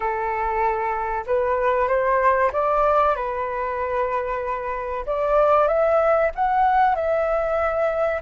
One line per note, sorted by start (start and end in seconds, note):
0.00 1.25 A4
1.26 1.87 B4
1.87 2.51 C5
2.52 3.15 D5
3.16 5.05 B4
5.06 5.67 D5
5.67 6.30 E5
6.35 6.95 F#5
6.95 8.21 E5